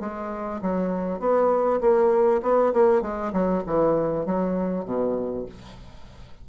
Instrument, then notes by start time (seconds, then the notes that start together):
bassoon
0.00 G#3
0.61 F#3
1.20 B3
1.80 A#3
2.42 B3
2.73 A#3
3.02 G#3
3.33 F#3
3.66 E3
4.26 F#3
4.85 B2